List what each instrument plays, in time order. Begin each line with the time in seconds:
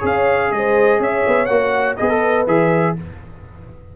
0.00 tuba C#4, trombone G#4, horn C#5, trumpet F5
0.51 tuba G#3, horn C5, trumpet D#5
0.99 tuba C#4, horn C#5, trumpet E5
1.27 tuba B3
1.45 tuba A#3, trombone F#4, trumpet F#5
1.96 tuba B3, trombone G#4, horn B4, trumpet D#5
2.09 trombone A4
2.46 tuba E3, trombone G#4, trumpet E5